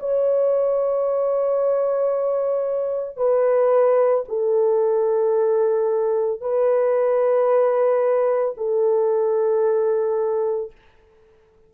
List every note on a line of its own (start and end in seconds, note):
0.00 3.18 C#5
3.18 4.25 B4
4.29 6.41 A4
6.41 8.55 B4
8.58 10.72 A4